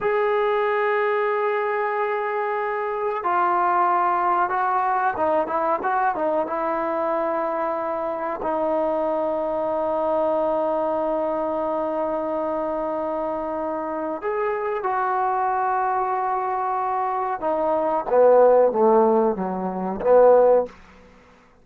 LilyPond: \new Staff \with { instrumentName = "trombone" } { \time 4/4 \tempo 4 = 93 gis'1~ | gis'4 f'2 fis'4 | dis'8 e'8 fis'8 dis'8 e'2~ | e'4 dis'2.~ |
dis'1~ | dis'2 gis'4 fis'4~ | fis'2. dis'4 | b4 a4 fis4 b4 | }